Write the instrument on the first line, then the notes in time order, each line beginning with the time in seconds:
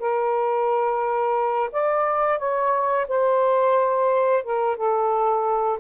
saxophone
0.00 A#4
1.73 D5
2.39 C#5
3.08 C5
4.44 A#4
4.77 A4